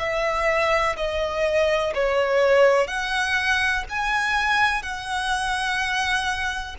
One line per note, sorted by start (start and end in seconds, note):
0.00 0.97 E5
0.97 1.94 D#5
1.95 2.88 C#5
2.88 3.84 F#5
3.89 4.83 G#5
4.83 6.76 F#5